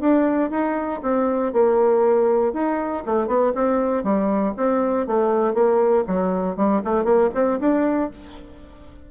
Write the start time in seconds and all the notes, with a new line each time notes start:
0.00 D4
0.50 D#4
1.02 C4
1.53 A#3
2.53 D#4
3.06 A3
3.27 B3
3.55 C4
4.03 G3
4.57 C4
5.06 A3
5.54 A#3
6.07 F#3
6.56 G3
6.84 A3
7.04 A#3
7.34 C4
7.60 D4